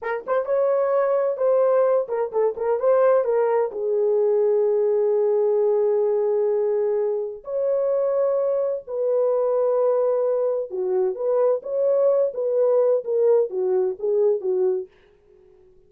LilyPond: \new Staff \with { instrumentName = "horn" } { \time 4/4 \tempo 4 = 129 ais'8 c''8 cis''2 c''4~ | c''8 ais'8 a'8 ais'8 c''4 ais'4 | gis'1~ | gis'1 |
cis''2. b'4~ | b'2. fis'4 | b'4 cis''4. b'4. | ais'4 fis'4 gis'4 fis'4 | }